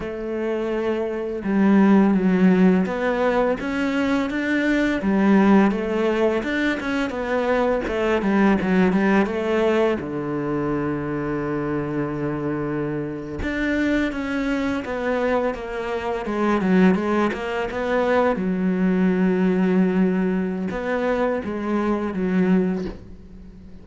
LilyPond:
\new Staff \with { instrumentName = "cello" } { \time 4/4 \tempo 4 = 84 a2 g4 fis4 | b4 cis'4 d'4 g4 | a4 d'8 cis'8 b4 a8 g8 | fis8 g8 a4 d2~ |
d2~ d8. d'4 cis'16~ | cis'8. b4 ais4 gis8 fis8 gis16~ | gis16 ais8 b4 fis2~ fis16~ | fis4 b4 gis4 fis4 | }